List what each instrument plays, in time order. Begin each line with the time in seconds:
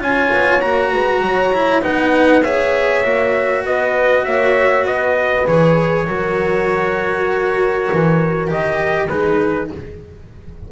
0.00 double bass C#4, cello F4, horn C#5, trumpet G#5
0.33 double bass B3
0.61 double bass A#3, cello F#4, trumpet A#5
0.92 double bass G#3, horn B4
1.22 double bass F#3, horn C#5
1.53 cello E4
1.82 double bass B3, cello D#4, horn B4, trumpet F#5
2.44 cello G#4, horn C#5, trumpet E5
3.04 double bass A#3, cello F#4
3.65 double bass B3, horn B4, trumpet D#5
4.25 double bass A#3, horn C#5, trumpet E5
4.85 double bass B3, horn B4, trumpet D#5
5.47 double bass E3, cello G#4, trumpet C#5
6.07 double bass F#3, cello F#4, horn A#4
7.92 double bass E3
8.48 double bass D#3, cello G4, trumpet D#5
9.09 double bass G#3, cello D#4, horn G#4, trumpet B4